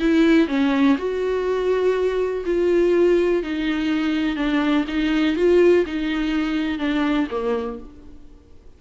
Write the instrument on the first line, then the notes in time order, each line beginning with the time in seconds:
viola
0.00 E4
0.48 C#4
0.98 F#4
2.46 F4
3.43 D#4
4.36 D4
4.88 D#4
5.36 F4
5.86 D#4
6.79 D4
7.31 A#3